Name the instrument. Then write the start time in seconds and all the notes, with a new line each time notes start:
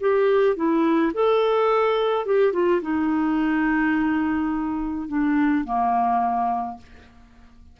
clarinet
0.00 G4
0.56 E4
1.13 A4
2.26 G4
2.53 F4
2.81 D#4
5.08 D4
5.64 A#3